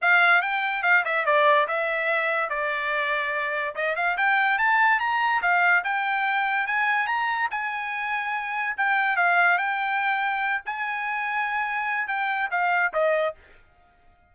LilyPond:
\new Staff \with { instrumentName = "trumpet" } { \time 4/4 \tempo 4 = 144 f''4 g''4 f''8 e''8 d''4 | e''2 d''2~ | d''4 dis''8 f''8 g''4 a''4 | ais''4 f''4 g''2 |
gis''4 ais''4 gis''2~ | gis''4 g''4 f''4 g''4~ | g''4. gis''2~ gis''8~ | gis''4 g''4 f''4 dis''4 | }